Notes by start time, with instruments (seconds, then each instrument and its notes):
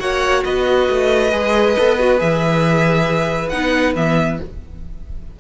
0.00 cello A#3, viola F#4, violin C#5 F#5
0.45 cello B3, violin B4 D#5
0.90 cello A3
1.32 cello G#3, viola G#4
1.78 cello B3, viola A4
1.99 viola F#4
2.18 cello E3, viola G#4, violin E5
3.50 cello B3, viola D#4, violin F#5
3.96 cello E3, viola B3, violin E5